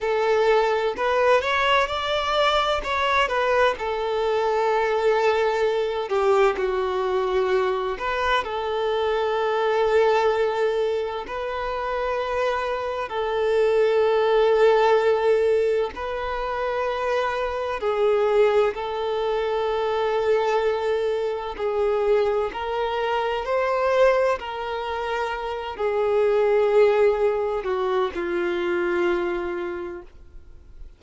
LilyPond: \new Staff \with { instrumentName = "violin" } { \time 4/4 \tempo 4 = 64 a'4 b'8 cis''8 d''4 cis''8 b'8 | a'2~ a'8 g'8 fis'4~ | fis'8 b'8 a'2. | b'2 a'2~ |
a'4 b'2 gis'4 | a'2. gis'4 | ais'4 c''4 ais'4. gis'8~ | gis'4. fis'8 f'2 | }